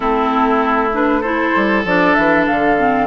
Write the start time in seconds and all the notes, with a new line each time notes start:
0.00 A3 C4 E4 A4
0.91 D4 B4
1.20 E4 A4 C5
1.55 G3
1.84 F3 D4 D5
2.13 E3 E5
2.46 D3 F5
2.77 C4